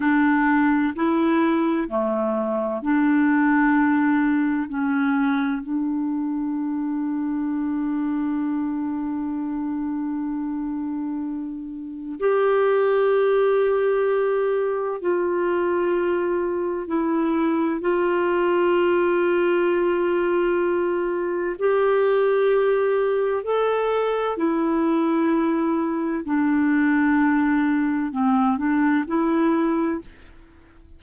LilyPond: \new Staff \with { instrumentName = "clarinet" } { \time 4/4 \tempo 4 = 64 d'4 e'4 a4 d'4~ | d'4 cis'4 d'2~ | d'1~ | d'4 g'2. |
f'2 e'4 f'4~ | f'2. g'4~ | g'4 a'4 e'2 | d'2 c'8 d'8 e'4 | }